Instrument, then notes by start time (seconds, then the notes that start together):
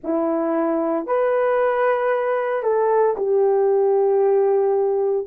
horn
0.03 E4
1.06 B4
2.63 A4
3.16 G4